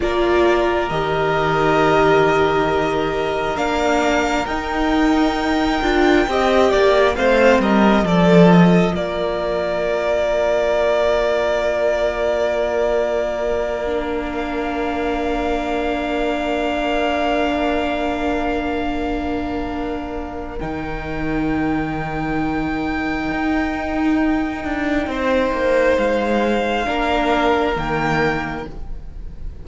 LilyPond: <<
  \new Staff \with { instrumentName = "violin" } { \time 4/4 \tempo 4 = 67 d''4 dis''2. | f''4 g''2. | f''8 dis''8 d''8 dis''8 d''2~ | d''1 |
f''1~ | f''2. g''4~ | g''1~ | g''4 f''2 g''4 | }
  \new Staff \with { instrumentName = "violin" } { \time 4/4 ais'1~ | ais'2. dis''8 d''8 | c''8 ais'8 a'4 ais'2~ | ais'1~ |
ais'1~ | ais'1~ | ais'1 | c''2 ais'2 | }
  \new Staff \with { instrumentName = "viola" } { \time 4/4 f'4 g'2. | d'4 dis'4. f'8 g'4 | c'4 f'2.~ | f'2.~ f'8 d'8~ |
d'1~ | d'2. dis'4~ | dis'1~ | dis'2 d'4 ais4 | }
  \new Staff \with { instrumentName = "cello" } { \time 4/4 ais4 dis2. | ais4 dis'4. d'8 c'8 ais8 | a8 g8 f4 ais2~ | ais1~ |
ais1~ | ais2. dis4~ | dis2 dis'4. d'8 | c'8 ais8 gis4 ais4 dis4 | }
>>